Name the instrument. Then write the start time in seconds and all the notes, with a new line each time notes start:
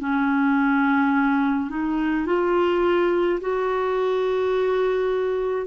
clarinet
0.00 C#4
1.70 D#4
2.26 F4
3.41 F#4